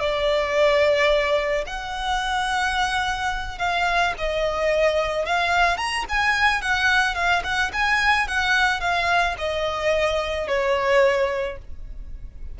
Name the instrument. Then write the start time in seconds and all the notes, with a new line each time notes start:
violin
0.00 D5
1.67 F#5
3.59 F5
4.18 D#5
5.26 F5
5.77 A#5
6.09 G#5
6.62 F#5
7.15 F5
7.44 F#5
7.73 G#5
8.28 F#5
8.81 F5
9.38 D#5
10.48 C#5